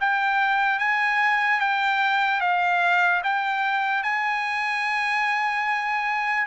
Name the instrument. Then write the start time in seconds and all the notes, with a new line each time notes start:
trumpet
0.00 G5
0.79 G#5
1.60 G5
2.40 F5
3.23 G5
4.03 G#5